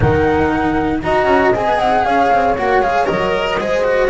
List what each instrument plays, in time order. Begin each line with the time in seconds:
0.00 double bass D#3, cello D#4, horn A#4, flute F#5
1.02 double bass D#4, cello F#4, horn D#5, flute A#5
1.24 double bass C#4
1.53 double bass C4, cello G#4, flute G#5
1.66 double bass B3
1.78 double bass C4, flute F#5
2.04 double bass C#4, horn C#5, flute F5
2.31 double bass C4
2.57 double bass A#3, cello F#4, flute F#5
2.80 double bass G#3, cello G#4, flute F5
3.05 double bass F#3, cello A#4, flute D#5
3.59 double bass G#3, cello G#4, horn C5
3.84 cello F#4